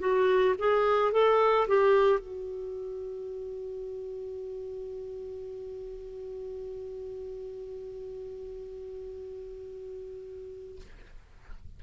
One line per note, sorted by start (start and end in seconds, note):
0.00 0.56 F#4
0.59 1.12 G#4
1.12 1.68 A4
1.68 2.20 G4
2.20 10.81 F#4